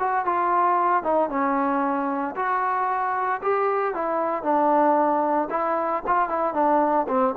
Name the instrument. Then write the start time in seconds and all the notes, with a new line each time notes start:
trombone
0.00 F#4
0.26 F4
1.04 D#4
1.30 C#4
2.36 F#4
3.43 G4
3.94 E4
4.44 D4
5.51 E4
6.07 F4
6.29 E4
6.54 D4
7.09 C4